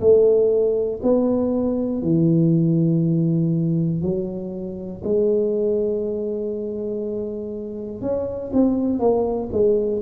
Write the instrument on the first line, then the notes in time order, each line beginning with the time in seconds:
tuba
0.00 A3
1.03 B3
2.02 E3
4.02 F#3
5.04 G#3
8.01 C#4
8.53 C4
8.99 A#3
9.52 G#3